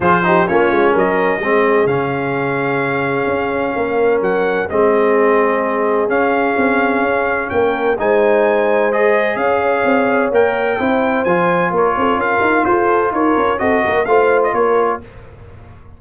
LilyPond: <<
  \new Staff \with { instrumentName = "trumpet" } { \time 4/4 \tempo 4 = 128 c''4 cis''4 dis''2 | f''1~ | f''4 fis''4 dis''2~ | dis''4 f''2. |
g''4 gis''2 dis''4 | f''2 g''2 | gis''4 cis''4 f''4 c''4 | cis''4 dis''4 f''8. dis''16 cis''4 | }
  \new Staff \with { instrumentName = "horn" } { \time 4/4 gis'8 g'8 f'4 ais'4 gis'4~ | gis'1 | ais'2 gis'2~ | gis'1 |
ais'4 c''2. | cis''2. c''4~ | c''4 ais'8 a'8 ais'4 a'4 | ais'4 a'8 ais'8 c''4 ais'4 | }
  \new Staff \with { instrumentName = "trombone" } { \time 4/4 f'8 dis'8 cis'2 c'4 | cis'1~ | cis'2 c'2~ | c'4 cis'2.~ |
cis'4 dis'2 gis'4~ | gis'2 ais'4 e'4 | f'1~ | f'4 fis'4 f'2 | }
  \new Staff \with { instrumentName = "tuba" } { \time 4/4 f4 ais8 gis8 fis4 gis4 | cis2. cis'4 | ais4 fis4 gis2~ | gis4 cis'4 c'4 cis'4 |
ais4 gis2. | cis'4 c'4 ais4 c'4 | f4 ais8 c'8 cis'8 dis'8 f'4 | dis'8 cis'8 c'8 ais8 a4 ais4 | }
>>